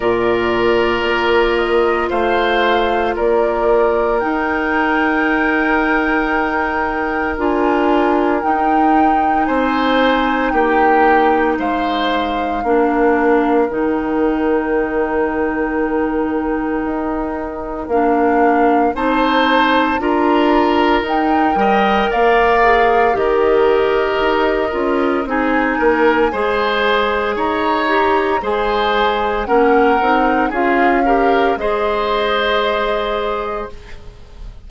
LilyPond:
<<
  \new Staff \with { instrumentName = "flute" } { \time 4/4 \tempo 4 = 57 d''4. dis''8 f''4 d''4 | g''2. gis''4 | g''4 gis''4 g''4 f''4~ | f''4 g''2.~ |
g''4 f''4 a''4 ais''4 | g''4 f''4 dis''2 | gis''2 ais''4 gis''4 | fis''4 f''4 dis''2 | }
  \new Staff \with { instrumentName = "oboe" } { \time 4/4 ais'2 c''4 ais'4~ | ais'1~ | ais'4 c''4 g'4 c''4 | ais'1~ |
ais'2 c''4 ais'4~ | ais'8 dis''8 d''4 ais'2 | gis'8 ais'8 c''4 cis''4 c''4 | ais'4 gis'8 ais'8 c''2 | }
  \new Staff \with { instrumentName = "clarinet" } { \time 4/4 f'1 | dis'2. f'4 | dis'1 | d'4 dis'2.~ |
dis'4 d'4 dis'4 f'4 | dis'8 ais'4 gis'8 g'4. f'8 | dis'4 gis'4. g'8 gis'4 | cis'8 dis'8 f'8 g'8 gis'2 | }
  \new Staff \with { instrumentName = "bassoon" } { \time 4/4 ais,4 ais4 a4 ais4 | dis'2. d'4 | dis'4 c'4 ais4 gis4 | ais4 dis2. |
dis'4 ais4 c'4 d'4 | dis'8 g8 ais4 dis4 dis'8 cis'8 | c'8 ais8 gis4 dis'4 gis4 | ais8 c'8 cis'4 gis2 | }
>>